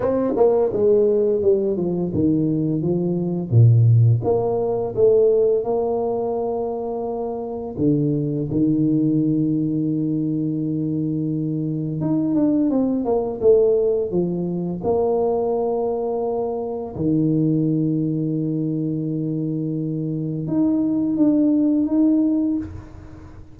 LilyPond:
\new Staff \with { instrumentName = "tuba" } { \time 4/4 \tempo 4 = 85 c'8 ais8 gis4 g8 f8 dis4 | f4 ais,4 ais4 a4 | ais2. d4 | dis1~ |
dis4 dis'8 d'8 c'8 ais8 a4 | f4 ais2. | dis1~ | dis4 dis'4 d'4 dis'4 | }